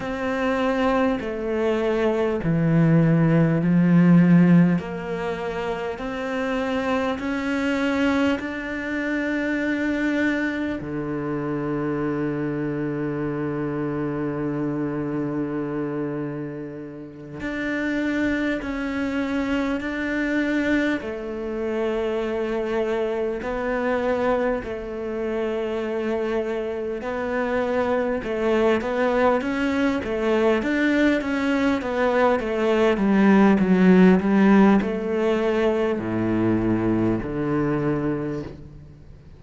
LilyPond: \new Staff \with { instrumentName = "cello" } { \time 4/4 \tempo 4 = 50 c'4 a4 e4 f4 | ais4 c'4 cis'4 d'4~ | d'4 d2.~ | d2~ d8 d'4 cis'8~ |
cis'8 d'4 a2 b8~ | b8 a2 b4 a8 | b8 cis'8 a8 d'8 cis'8 b8 a8 g8 | fis8 g8 a4 a,4 d4 | }